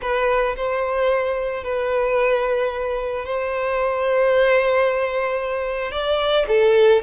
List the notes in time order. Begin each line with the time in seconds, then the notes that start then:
0.01 B4
0.56 C5
1.63 B4
3.25 C5
5.91 D5
6.48 A4